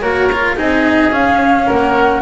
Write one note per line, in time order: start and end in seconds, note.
0.00 0.58 A#3
0.00 0.30 F#4
0.00 0.56 A#4
0.00 0.56 C#5
0.32 0.56 F4
0.56 1.12 C4
0.56 1.11 D#4
0.56 1.66 G#4
0.56 1.13 D#5
1.11 2.22 C#4
1.11 1.68 C#4
1.11 1.69 F5
1.66 2.22 A#3
1.66 2.21 A#4
1.66 2.22 F#5